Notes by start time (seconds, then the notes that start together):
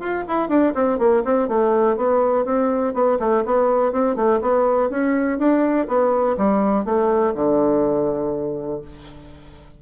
0.00 F4
0.28 E4
0.49 D4
0.75 C4
0.99 A#3
1.25 C4
1.49 A3
1.97 B3
2.45 C4
2.94 B3
3.20 A3
3.45 B3
3.92 C4
4.16 A3
4.41 B3
4.90 C#4
5.39 D4
5.88 B3
6.38 G3
6.85 A3
7.35 D3